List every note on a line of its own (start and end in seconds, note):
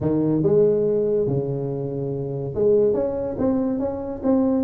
0.01 0.42 D#3
0.42 1.27 G#3
1.27 2.54 C#3
2.54 2.93 G#3
2.93 3.36 C#4
3.38 3.79 C4
3.79 4.21 C#4
4.23 4.64 C4